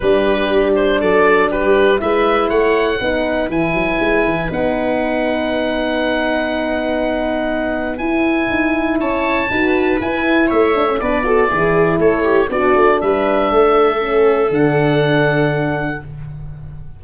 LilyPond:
<<
  \new Staff \with { instrumentName = "oboe" } { \time 4/4 \tempo 4 = 120 b'4. c''8 d''4 b'4 | e''4 fis''2 gis''4~ | gis''4 fis''2.~ | fis''1 |
gis''2 a''2 | gis''4 e''4 d''2 | cis''4 d''4 e''2~ | e''4 fis''2. | }
  \new Staff \with { instrumentName = "viola" } { \time 4/4 g'2 a'4 g'4 | b'4 cis''4 b'2~ | b'1~ | b'1~ |
b'2 cis''4 b'4~ | b'4 cis''4 b'8 a'8 gis'4 | a'8 g'8 fis'4 b'4 a'4~ | a'1 | }
  \new Staff \with { instrumentName = "horn" } { \time 4/4 d'1 | e'2 dis'4 e'4~ | e'4 dis'2.~ | dis'1 |
e'2. fis'4 | e'4. d'16 cis'16 d'8 fis'8 e'4~ | e'4 d'2. | cis'4 d'2. | }
  \new Staff \with { instrumentName = "tuba" } { \time 4/4 g2 fis4 g4 | gis4 a4 b4 e8 fis8 | gis8 e8 b2.~ | b1 |
e'4 dis'4 cis'4 dis'4 | e'4 a4 b4 e4 | a4 b8 a8 g4 a4~ | a4 d2. | }
>>